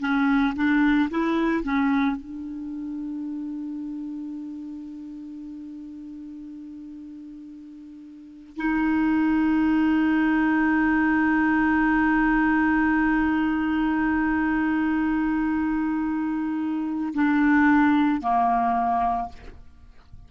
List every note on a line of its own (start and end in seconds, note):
0.00 0.54 C#4
0.56 1.10 D4
1.10 1.63 E4
1.63 2.16 C#4
2.16 8.56 D4
8.56 17.13 D#4
17.14 18.21 D4
18.21 19.29 A#3